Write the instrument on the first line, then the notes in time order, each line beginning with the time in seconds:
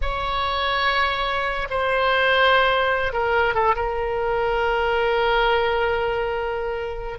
oboe
0.01 C#5
1.70 C5
3.12 A#4
3.54 A4
3.75 A#4